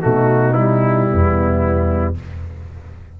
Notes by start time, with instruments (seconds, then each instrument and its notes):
0.00 tuba B2, trombone A3, horn D#4, trumpet F#4
0.54 trombone G3, trumpet E4
1.11 tuba E2, horn B3